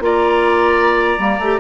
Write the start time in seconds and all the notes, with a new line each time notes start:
0.00 A#3 F4 D5 A#5
1.19 G3 A#3
1.39 A3 G4